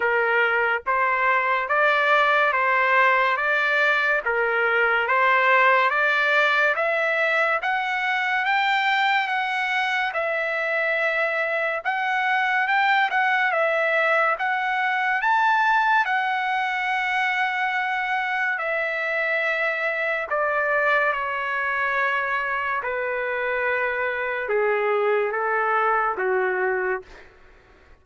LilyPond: \new Staff \with { instrumentName = "trumpet" } { \time 4/4 \tempo 4 = 71 ais'4 c''4 d''4 c''4 | d''4 ais'4 c''4 d''4 | e''4 fis''4 g''4 fis''4 | e''2 fis''4 g''8 fis''8 |
e''4 fis''4 a''4 fis''4~ | fis''2 e''2 | d''4 cis''2 b'4~ | b'4 gis'4 a'4 fis'4 | }